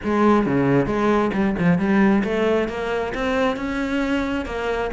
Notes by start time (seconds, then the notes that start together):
0.03 G#3
0.45 C#3
0.86 G#3
1.33 G3
1.59 F3
1.78 G3
2.24 A3
2.68 A#3
3.14 C4
3.56 C#4
4.45 A#3